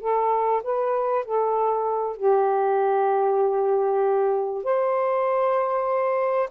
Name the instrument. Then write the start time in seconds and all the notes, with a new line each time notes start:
saxophone
0.00 A4
0.63 B4
1.25 A4
2.16 G4
4.64 C5